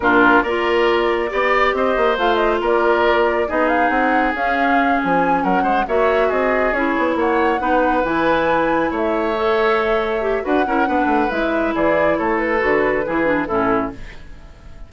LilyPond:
<<
  \new Staff \with { instrumentName = "flute" } { \time 4/4 \tempo 4 = 138 ais'4 d''2. | dis''4 f''8 dis''8 d''2 | dis''8 f''8 fis''4 f''4. gis''8~ | gis''8 fis''4 e''4 dis''4 cis''8~ |
cis''8 fis''2 gis''4.~ | gis''8 e''2.~ e''8 | fis''2 e''4 d''4 | cis''8 b'2~ b'8 a'4 | }
  \new Staff \with { instrumentName = "oboe" } { \time 4/4 f'4 ais'2 d''4 | c''2 ais'2 | gis'1~ | gis'8 ais'8 c''8 cis''4 gis'4.~ |
gis'8 cis''4 b'2~ b'8~ | b'8 cis''2.~ cis''8 | b'8 ais'8 b'2 gis'4 | a'2 gis'4 e'4 | }
  \new Staff \with { instrumentName = "clarinet" } { \time 4/4 d'4 f'2 g'4~ | g'4 f'2. | dis'2 cis'2~ | cis'4. fis'2 e'8~ |
e'4. dis'4 e'4.~ | e'4. a'2 g'8 | fis'8 e'8 d'4 e'2~ | e'4 fis'4 e'8 d'8 cis'4 | }
  \new Staff \with { instrumentName = "bassoon" } { \time 4/4 ais,4 ais2 b4 | c'8 ais8 a4 ais2 | b4 c'4 cis'4. f8~ | f8 fis8 gis8 ais4 c'4 cis'8 |
b8 ais4 b4 e4.~ | e8 a2.~ a8 | d'8 cis'8 b8 a8 gis4 e4 | a4 d4 e4 a,4 | }
>>